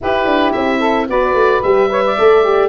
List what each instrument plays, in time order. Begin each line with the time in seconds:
0.01 horn E4, tuba E4, saxophone G4, oboe B4
0.25 tuba D4
0.52 tuba C4, oboe E5
0.79 saxophone A4
1.09 tuba B3, horn F#4, saxophone B4, oboe D5
1.33 tuba A3
1.62 tuba G3, horn G4, oboe E5
1.88 horn B4, saxophone C#5
2.04 saxophone D5
2.18 tuba A3, horn A4
2.44 horn G4